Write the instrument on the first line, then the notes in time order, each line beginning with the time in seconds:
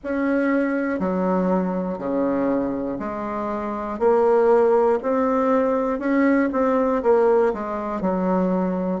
bassoon
0.03 C#4
0.99 F#3
1.98 C#3
2.99 G#3
3.99 A#3
5.02 C4
5.99 C#4
6.52 C4
7.03 A#3
7.53 G#3
8.01 F#3